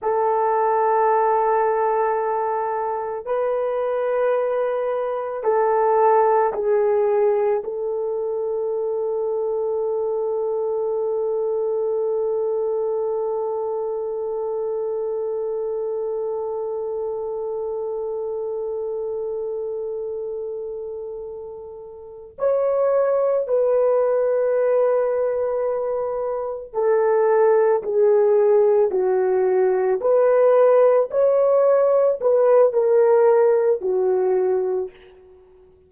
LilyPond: \new Staff \with { instrumentName = "horn" } { \time 4/4 \tempo 4 = 55 a'2. b'4~ | b'4 a'4 gis'4 a'4~ | a'1~ | a'1~ |
a'1~ | a'8 cis''4 b'2~ b'8~ | b'8 a'4 gis'4 fis'4 b'8~ | b'8 cis''4 b'8 ais'4 fis'4 | }